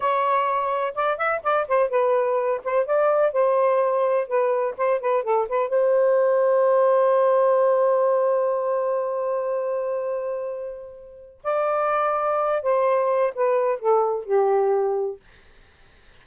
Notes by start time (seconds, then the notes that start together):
0.00 C#5
0.95 D5
1.17 E5
1.43 D5
1.68 C5
1.89 B4
2.63 C5
2.85 D5
3.32 C5
4.27 B4
4.77 C5
5.00 B4
5.23 A4
5.48 B4
5.68 C5
11.43 D5
12.62 C5
13.35 B4
13.79 A4
14.24 G4